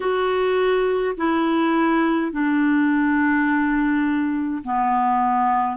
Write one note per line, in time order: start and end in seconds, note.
0.00 1.15 F#4
1.17 2.31 E4
2.31 4.62 D4
4.64 5.76 B3